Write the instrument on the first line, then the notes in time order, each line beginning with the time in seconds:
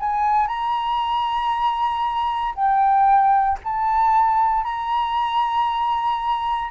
flute
0.00 G#5
0.48 A#5
2.55 G5
3.64 A5
4.65 A#5